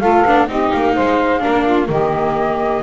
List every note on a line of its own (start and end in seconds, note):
0.00 0.24 A3
0.00 0.26 F4
0.00 0.48 A4
0.00 0.47 F5
0.25 0.48 B3
0.25 0.48 D4
0.48 0.71 C4
0.48 1.40 D#4
0.48 0.94 G4
0.48 0.71 D#5
0.71 0.97 A#3
0.71 1.89 F5
0.94 1.45 G#3
0.94 1.41 C5
1.40 1.88 A#3
1.40 1.86 D4
1.40 1.64 A#4
1.64 1.88 F4
1.88 2.82 D#3
1.88 2.82 A#3
1.88 2.82 G4
1.88 2.82 D#5